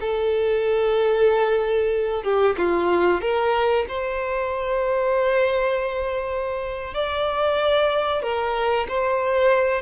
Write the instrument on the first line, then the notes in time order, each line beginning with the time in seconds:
violin
0.00 A4
2.23 G4
2.57 F4
3.21 A#4
3.88 C5
6.94 D5
8.22 A#4
8.88 C5